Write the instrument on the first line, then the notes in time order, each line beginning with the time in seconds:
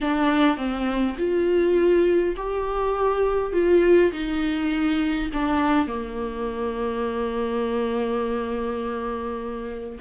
viola
0.01 D4
0.57 C4
1.18 F4
2.36 G4
3.52 F4
4.12 D#4
5.33 D4
5.87 A#3